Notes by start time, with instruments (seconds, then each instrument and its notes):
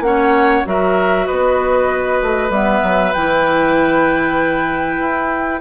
0.00 bassoon A#3, clarinet C#4, oboe C#5, flute F#5
0.65 bassoon F#3, clarinet F#4, oboe A#4, flute E5
1.26 bassoon B3, oboe B4, flute D#5
2.21 bassoon A3
2.50 bassoon G3, clarinet B3, flute E5
2.83 bassoon F#3
3.13 bassoon E3, clarinet E4, flute G5
4.99 bassoon E4